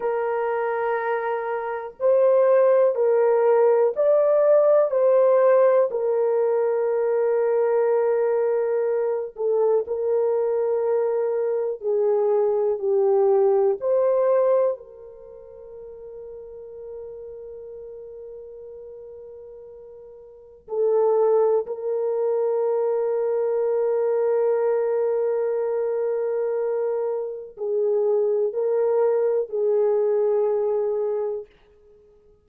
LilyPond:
\new Staff \with { instrumentName = "horn" } { \time 4/4 \tempo 4 = 61 ais'2 c''4 ais'4 | d''4 c''4 ais'2~ | ais'4. a'8 ais'2 | gis'4 g'4 c''4 ais'4~ |
ais'1~ | ais'4 a'4 ais'2~ | ais'1 | gis'4 ais'4 gis'2 | }